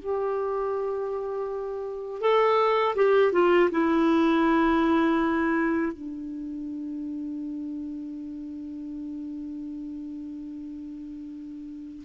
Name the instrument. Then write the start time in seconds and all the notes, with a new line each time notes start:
clarinet
0.00 G4
2.22 A4
2.96 G4
3.33 F4
3.72 E4
5.93 D4